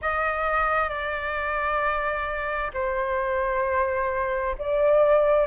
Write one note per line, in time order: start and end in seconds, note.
0.01 0.89 D#5
0.89 2.71 D5
2.73 4.55 C5
4.58 5.47 D5